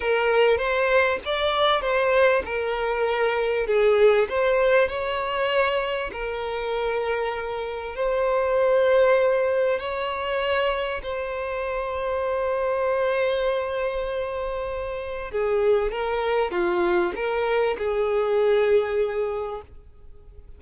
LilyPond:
\new Staff \with { instrumentName = "violin" } { \time 4/4 \tempo 4 = 98 ais'4 c''4 d''4 c''4 | ais'2 gis'4 c''4 | cis''2 ais'2~ | ais'4 c''2. |
cis''2 c''2~ | c''1~ | c''4 gis'4 ais'4 f'4 | ais'4 gis'2. | }